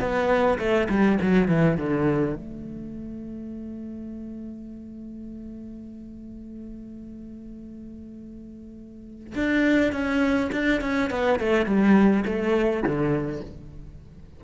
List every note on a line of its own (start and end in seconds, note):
0.00 0.58 B3
0.59 0.88 A3
0.89 1.18 G3
1.21 1.48 F#3
1.48 1.77 E3
1.77 2.35 D3
2.35 9.34 A3
9.35 9.92 D4
9.92 10.50 C#4
10.52 10.81 D4
10.81 11.10 C#4
11.10 11.39 B3
11.39 11.66 A3
11.66 12.24 G3
12.25 12.83 A3
12.83 13.41 D3